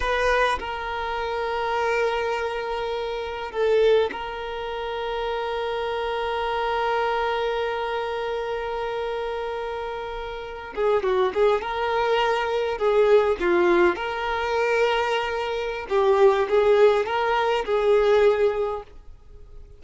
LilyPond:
\new Staff \with { instrumentName = "violin" } { \time 4/4 \tempo 4 = 102 b'4 ais'2.~ | ais'2 a'4 ais'4~ | ais'1~ | ais'1~ |
ais'2~ ais'16 gis'8 fis'8 gis'8 ais'16~ | ais'4.~ ais'16 gis'4 f'4 ais'16~ | ais'2. g'4 | gis'4 ais'4 gis'2 | }